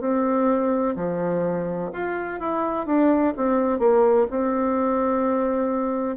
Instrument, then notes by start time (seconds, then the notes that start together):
bassoon
0.00 C4
0.96 F3
1.93 F4
2.40 E4
2.86 D4
3.37 C4
3.79 A#3
4.30 C4